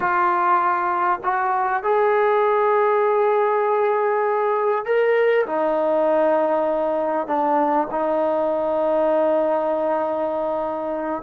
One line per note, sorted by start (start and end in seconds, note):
0.00 1.20 F4
1.23 1.83 F#4
1.83 4.85 G#4
4.85 5.45 A#4
5.46 7.27 D#4
7.27 7.87 D4
7.90 11.22 D#4